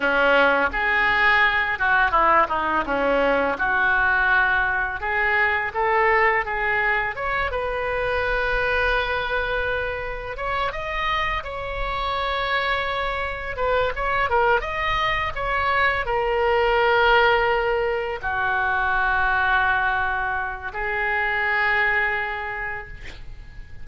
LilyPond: \new Staff \with { instrumentName = "oboe" } { \time 4/4 \tempo 4 = 84 cis'4 gis'4. fis'8 e'8 dis'8 | cis'4 fis'2 gis'4 | a'4 gis'4 cis''8 b'4.~ | b'2~ b'8 cis''8 dis''4 |
cis''2. b'8 cis''8 | ais'8 dis''4 cis''4 ais'4.~ | ais'4. fis'2~ fis'8~ | fis'4 gis'2. | }